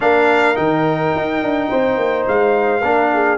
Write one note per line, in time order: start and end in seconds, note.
0.00 0.57 A#3
0.00 0.55 D4
0.00 1.69 A#4
0.00 0.56 F5
0.55 1.14 D#3
0.55 2.81 D#4
0.55 2.25 G5
1.15 1.41 D#4
1.41 1.70 D4
1.69 1.96 C4
1.69 2.81 C5
1.96 2.25 A#3
2.27 2.82 G#3
2.27 3.38 F5
2.81 3.38 A#3
2.81 3.38 D4
2.81 3.09 A#4
3.13 3.38 G#4